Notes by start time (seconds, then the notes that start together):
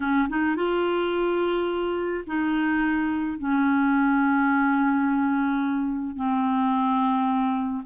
0.00 C#4
0.28 D#4
0.56 F4
2.26 D#4
3.38 C#4
6.15 C4